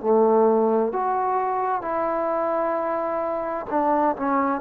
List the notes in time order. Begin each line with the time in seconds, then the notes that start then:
0.00 A3
0.92 F#4
1.81 E4
3.70 D4
4.16 C#4